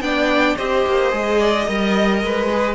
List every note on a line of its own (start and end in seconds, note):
0.00 0.55 B3
0.00 0.56 D4
0.00 0.56 D5
0.00 0.56 G5
0.56 0.85 C4
0.56 1.11 G4
0.56 1.38 C5
0.56 2.74 D#5
0.86 1.12 A#3
1.11 1.67 G#3
1.11 1.66 G#4
1.38 1.66 D5
1.66 2.22 G3
1.66 2.50 A#4
1.66 2.21 D#5
2.22 2.74 G#3
2.22 2.74 B4
2.51 2.74 G#4